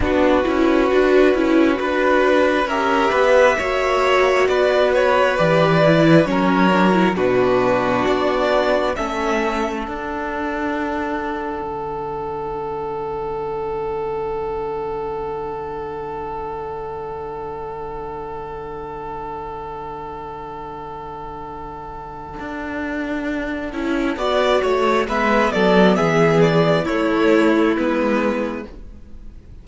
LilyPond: <<
  \new Staff \with { instrumentName = "violin" } { \time 4/4 \tempo 4 = 67 b'2. e''4~ | e''4 d''8 cis''8 d''4 cis''4 | b'4 d''4 e''4 fis''4~ | fis''1~ |
fis''1~ | fis''1~ | fis''1 | e''8 d''8 e''8 d''8 cis''4 b'4 | }
  \new Staff \with { instrumentName = "violin" } { \time 4/4 fis'2 b'4 ais'8 b'8 | cis''4 b'2 ais'4 | fis'2 a'2~ | a'1~ |
a'1~ | a'1~ | a'2. d''8 cis''8 | b'8 a'8 gis'4 e'2 | }
  \new Staff \with { instrumentName = "viola" } { \time 4/4 d'8 e'8 fis'8 e'8 fis'4 g'4 | fis'2 g'8 e'8 cis'8 d'16 e'16 | d'2 cis'4 d'4~ | d'1~ |
d'1~ | d'1~ | d'2~ d'8 e'8 fis'4 | b2 a4 b4 | }
  \new Staff \with { instrumentName = "cello" } { \time 4/4 b8 cis'8 d'8 cis'8 d'4 cis'8 b8 | ais4 b4 e4 fis4 | b,4 b4 a4 d'4~ | d'4 d2.~ |
d1~ | d1~ | d4 d'4. cis'8 b8 a8 | gis8 fis8 e4 a4 gis4 | }
>>